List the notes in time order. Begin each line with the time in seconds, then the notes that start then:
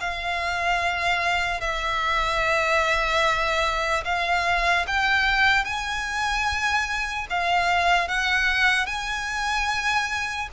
0.00 F5
1.60 E5
4.04 F5
4.87 G5
5.65 G#5
7.30 F5
8.08 F#5
8.86 G#5